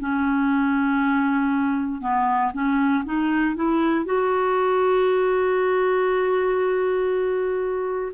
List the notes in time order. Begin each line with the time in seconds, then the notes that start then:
0.00 C#4
2.02 B3
2.53 C#4
3.05 D#4
3.56 E4
4.06 F#4